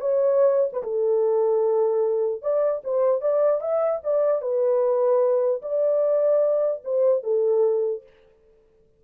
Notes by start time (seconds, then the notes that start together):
0.00 C#5
0.72 B4
0.83 A4
2.42 D5
2.84 C5
3.21 D5
3.61 E5
4.03 D5
4.41 B4
5.62 D5
6.84 C5
7.23 A4